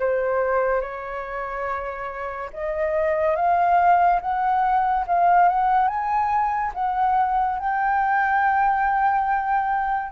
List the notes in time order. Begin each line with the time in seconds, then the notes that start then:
0.00 C5
0.81 C#5
2.54 D#5
3.36 F5
4.21 F#5
5.08 F5
5.49 F#5
5.88 G#5
6.75 F#5
7.59 G5